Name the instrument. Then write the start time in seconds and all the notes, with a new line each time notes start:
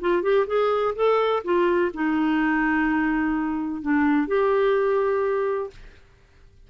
clarinet
0.00 F4
0.22 G4
0.47 G#4
0.95 A4
1.44 F4
1.93 D#4
3.81 D4
4.27 G4